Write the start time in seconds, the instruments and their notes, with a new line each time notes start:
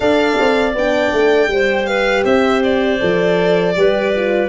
0.00 tuba D4, horn A4, clarinet D5, violin F5
0.39 tuba C4
0.74 tuba B3, horn D4, violin G5
1.12 tuba A3
1.48 tuba G3, horn G4, clarinet C5
1.85 clarinet B4, violin F5
2.24 tuba C4, clarinet C5, violin E5
2.63 violin D5
2.99 tuba F3, horn A4
3.76 tuba G3, horn G4, clarinet B4
4.15 horn F4